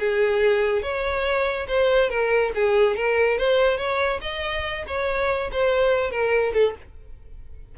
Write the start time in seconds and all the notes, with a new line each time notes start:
0.00 G#4
0.83 C#5
1.68 C5
2.10 A#4
2.55 G#4
2.97 A#4
3.38 C5
3.78 C#5
4.22 D#5
4.87 C#5
5.52 C5
6.11 A#4
6.54 A4